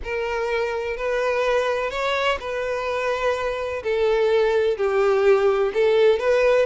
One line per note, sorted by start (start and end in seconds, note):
0.03 0.96 A#4
0.96 1.90 B4
1.90 2.38 C#5
2.39 3.82 B4
3.83 4.77 A4
4.77 5.72 G4
5.73 6.19 A4
6.19 6.66 B4